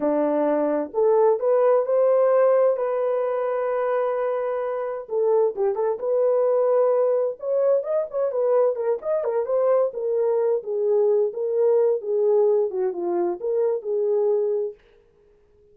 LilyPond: \new Staff \with { instrumentName = "horn" } { \time 4/4 \tempo 4 = 130 d'2 a'4 b'4 | c''2 b'2~ | b'2. a'4 | g'8 a'8 b'2. |
cis''4 dis''8 cis''8 b'4 ais'8 dis''8 | ais'8 c''4 ais'4. gis'4~ | gis'8 ais'4. gis'4. fis'8 | f'4 ais'4 gis'2 | }